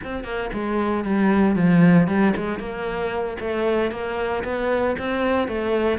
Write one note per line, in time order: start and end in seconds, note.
0.04 0.24 C4
0.24 0.50 A#3
0.53 1.04 G#3
1.04 1.55 G3
1.55 2.07 F3
2.07 2.33 G3
2.36 2.59 G#3
2.59 3.37 A#3
3.39 3.91 A3
3.91 4.43 A#3
4.43 4.96 B3
4.98 5.48 C4
5.48 5.98 A3